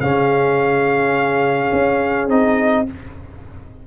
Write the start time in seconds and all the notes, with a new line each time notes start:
0.00 C#3 C#4 G#4 F5
1.72 C#4
2.29 C4 D#4 D#5